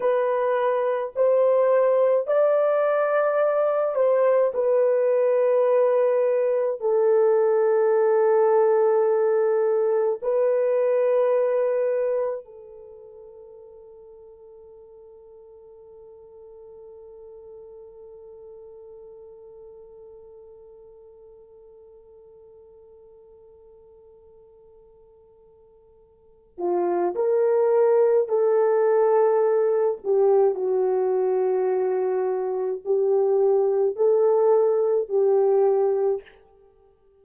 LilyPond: \new Staff \with { instrumentName = "horn" } { \time 4/4 \tempo 4 = 53 b'4 c''4 d''4. c''8 | b'2 a'2~ | a'4 b'2 a'4~ | a'1~ |
a'1~ | a'2.~ a'8 f'8 | ais'4 a'4. g'8 fis'4~ | fis'4 g'4 a'4 g'4 | }